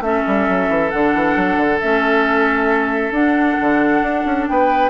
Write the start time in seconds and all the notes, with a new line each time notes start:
0.00 A3 C#4 A4 E5
0.27 G3
0.49 F#3
0.69 E3
0.90 D3 D4 F#5
1.14 E3
1.36 F#3
1.57 D3
1.80 A3 C#4 E5
3.10 D4 F#5
3.60 D3
4.02 D4
4.25 C#4
4.47 B3 B4 G5